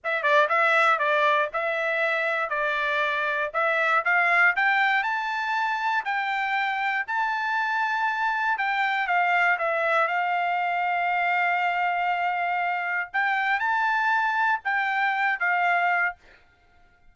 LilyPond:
\new Staff \with { instrumentName = "trumpet" } { \time 4/4 \tempo 4 = 119 e''8 d''8 e''4 d''4 e''4~ | e''4 d''2 e''4 | f''4 g''4 a''2 | g''2 a''2~ |
a''4 g''4 f''4 e''4 | f''1~ | f''2 g''4 a''4~ | a''4 g''4. f''4. | }